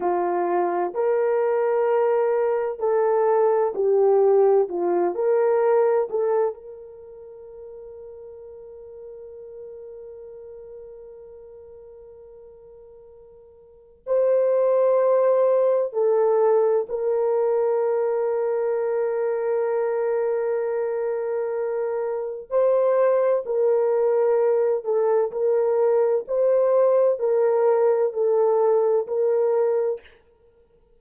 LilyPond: \new Staff \with { instrumentName = "horn" } { \time 4/4 \tempo 4 = 64 f'4 ais'2 a'4 | g'4 f'8 ais'4 a'8 ais'4~ | ais'1~ | ais'2. c''4~ |
c''4 a'4 ais'2~ | ais'1 | c''4 ais'4. a'8 ais'4 | c''4 ais'4 a'4 ais'4 | }